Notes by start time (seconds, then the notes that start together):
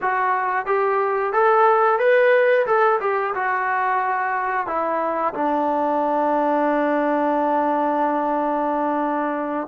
0.01 F#4
0.66 G4
1.32 A4
1.99 B4
2.66 A4
3.00 G4
3.34 F#4
4.67 E4
5.34 D4